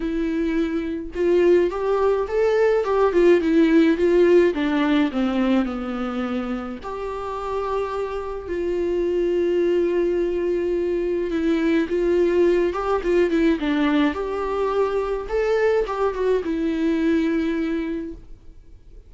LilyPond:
\new Staff \with { instrumentName = "viola" } { \time 4/4 \tempo 4 = 106 e'2 f'4 g'4 | a'4 g'8 f'8 e'4 f'4 | d'4 c'4 b2 | g'2. f'4~ |
f'1 | e'4 f'4. g'8 f'8 e'8 | d'4 g'2 a'4 | g'8 fis'8 e'2. | }